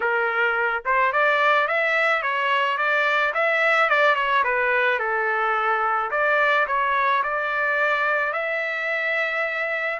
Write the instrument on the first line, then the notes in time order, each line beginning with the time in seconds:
trumpet
0.00 A#4
0.85 C5
1.12 D5
1.67 E5
2.22 C#5
2.77 D5
3.34 E5
3.89 D5
4.15 C#5
4.44 B4
4.99 A4
6.10 D5
6.67 C#5
7.23 D5
8.33 E5